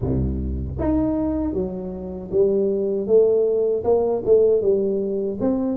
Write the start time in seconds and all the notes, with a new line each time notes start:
0.00 C2
0.79 D#4
1.53 F#3
2.31 G3
3.06 A3
3.84 A#3
4.25 A3
4.61 G3
5.40 C4